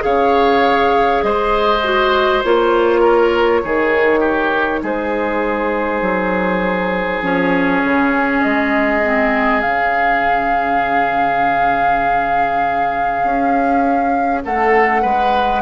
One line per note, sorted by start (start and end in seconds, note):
0.00 1.23 C#3
0.00 1.80 G#4
0.00 1.25 C#5
0.00 1.23 F5
1.23 2.43 G#3
1.23 3.00 C5
1.23 2.43 D#5
1.84 2.44 F#4
2.44 3.64 A#3
2.44 3.64 F4
2.44 4.84 C#5
3.00 3.60 A#4
3.64 4.83 D#3
3.64 7.23 D#4
3.64 4.20 G#4
4.20 4.80 G4
4.83 6.02 G#3
4.83 14.43 G#4
4.83 7.24 C5
6.02 7.21 F#3
7.22 7.82 F3
7.22 9.03 C#4
7.22 8.41 C#5
7.84 8.44 C#3
8.41 9.64 G#3
8.41 9.61 D#5
9.03 9.62 C4
9.61 13.24 C#3
9.61 15.62 C#4
9.61 14.41 F5
13.24 14.44 C#4
14.45 15.04 A3
14.45 15.02 A4
14.45 15.62 F#5
15.02 15.62 G#3
15.02 15.62 B4